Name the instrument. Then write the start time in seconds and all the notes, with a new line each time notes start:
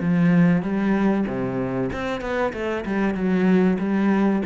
cello
0.00 F3
0.62 G3
1.27 C3
1.93 C4
2.21 B3
2.53 A3
2.85 G3
3.15 F#3
3.79 G3